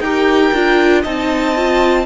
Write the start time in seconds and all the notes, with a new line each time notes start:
0.00 D#4 G4 A#4 G5
0.53 D4 F4
1.02 C4 D#4 D#5 A5
1.56 F4